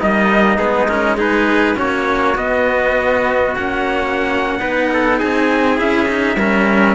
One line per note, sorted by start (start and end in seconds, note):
0.00 0.57 G3
0.00 0.58 A#3
0.00 1.17 D#4
0.00 0.58 D#5
0.57 1.76 G#3
0.57 0.88 B3
0.57 0.88 G#4
0.88 1.17 C#4
0.88 1.18 A#4
1.17 1.75 D#4
1.17 1.77 G#4
1.17 1.77 B4
1.75 2.37 A#3
1.75 2.35 C#4
1.75 4.60 F#4
1.75 2.37 C#5
2.35 3.54 B3
2.35 3.56 B3
2.35 3.55 D#5
3.55 4.61 A#3
3.55 4.59 C#4
3.55 5.19 F#5
4.59 5.21 B3
4.59 5.77 D#4
4.59 4.90 B4
4.93 5.19 A4
5.19 5.80 C4
5.19 6.37 G#4
5.19 5.78 G#5
5.77 6.36 C#4
5.77 6.06 E4
5.77 6.94 E5
6.08 6.38 D#4
6.36 6.94 G3
6.36 6.94 C#4
6.36 6.94 A#4